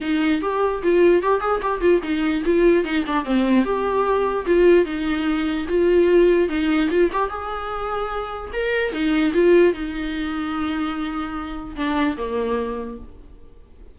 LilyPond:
\new Staff \with { instrumentName = "viola" } { \time 4/4 \tempo 4 = 148 dis'4 g'4 f'4 g'8 gis'8 | g'8 f'8 dis'4 f'4 dis'8 d'8 | c'4 g'2 f'4 | dis'2 f'2 |
dis'4 f'8 g'8 gis'2~ | gis'4 ais'4 dis'4 f'4 | dis'1~ | dis'4 d'4 ais2 | }